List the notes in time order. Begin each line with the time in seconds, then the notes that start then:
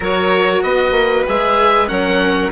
0.00 F#3 F#4 A#4 C#5
0.62 B3 B4 D#5
0.91 A#3
1.27 G#3 G#4 E5
1.87 F#3 C#4 A#4 F#5